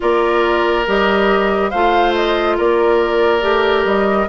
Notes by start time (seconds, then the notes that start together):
0.00 A#3 F4 A#4 D5
0.86 G3 G4 D#5
1.70 A3 F4 C5 F5
2.14 D#5
2.57 A#3 A#4 D5
3.41 A3 G4
3.84 G3 D#5